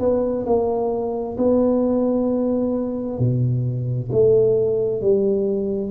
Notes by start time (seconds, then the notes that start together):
0.00 B3
0.46 A#3
1.38 B3
3.19 B2
4.12 A3
5.02 G3